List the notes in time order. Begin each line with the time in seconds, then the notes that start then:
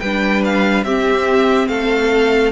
0.00 G3 D4 B4 G5
0.45 F5
0.84 C4 G4 E5
1.68 A3 A4 F5